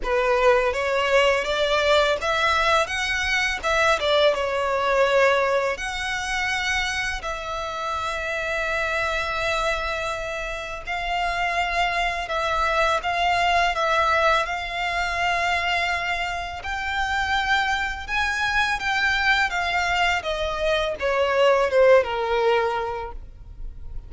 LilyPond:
\new Staff \with { instrumentName = "violin" } { \time 4/4 \tempo 4 = 83 b'4 cis''4 d''4 e''4 | fis''4 e''8 d''8 cis''2 | fis''2 e''2~ | e''2. f''4~ |
f''4 e''4 f''4 e''4 | f''2. g''4~ | g''4 gis''4 g''4 f''4 | dis''4 cis''4 c''8 ais'4. | }